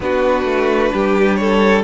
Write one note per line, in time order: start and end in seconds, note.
0.00 0.44 B3
0.00 1.84 D4
0.00 0.93 F#4
0.00 1.35 B4
0.44 0.90 A3
0.93 1.84 G3
0.93 1.39 G4
1.35 1.84 A4
1.35 1.81 C#5